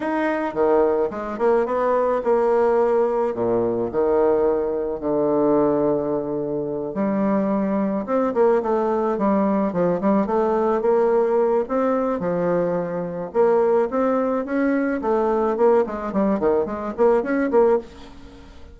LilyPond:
\new Staff \with { instrumentName = "bassoon" } { \time 4/4 \tempo 4 = 108 dis'4 dis4 gis8 ais8 b4 | ais2 ais,4 dis4~ | dis4 d2.~ | d8 g2 c'8 ais8 a8~ |
a8 g4 f8 g8 a4 ais8~ | ais4 c'4 f2 | ais4 c'4 cis'4 a4 | ais8 gis8 g8 dis8 gis8 ais8 cis'8 ais8 | }